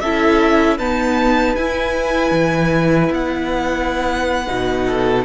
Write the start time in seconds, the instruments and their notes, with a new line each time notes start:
0.00 cello C#4, viola E4, violin A4 E5
0.78 viola B3, cello D#4, violin B4 A5
1.56 cello E4, viola E4, violin G#5
2.31 cello E3
3.11 cello B3, violin F#5
4.47 cello B2, viola D#4
4.86 violin A4